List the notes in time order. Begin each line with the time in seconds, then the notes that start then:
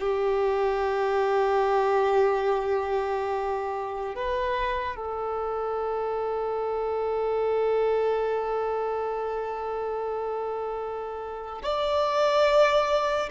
0.00 G4
4.16 B4
4.96 A4
11.63 D5